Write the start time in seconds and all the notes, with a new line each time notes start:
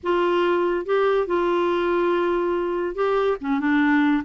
0.03 F4
0.85 G4
1.26 F4
2.95 G4
3.41 C#4
3.60 D4